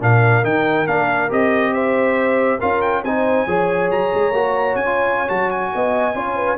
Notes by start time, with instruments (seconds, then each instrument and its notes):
0.00 tuba A#2, trombone D4, horn A#4, trumpet F5
0.43 tuba D#3, trombone D#4, trumpet G5
0.87 tuba A#3, trombone D4, trumpet F5
1.29 tuba C4, trombone G4, trumpet D#5
1.73 horn C5, trumpet E5
2.59 tuba C#4, trombone F4, horn A#4, trumpet F5
2.82 trumpet G5
3.03 tuba C4, trombone D#4, horn C5, trumpet G#5
3.47 tuba F3, trombone G#4, horn C#5
3.91 tuba F#3, trumpet A#5
4.15 tuba G#3
4.31 tuba A#3, trombone F#4
4.75 tuba C#4, trumpet G#5
4.85 trombone F4
5.28 tuba F#3, trombone F#4, trumpet A5
5.51 trumpet G#5
5.75 tuba B3, horn D#5
6.14 tuba C#4, trombone F4, horn C#5
6.36 horn B4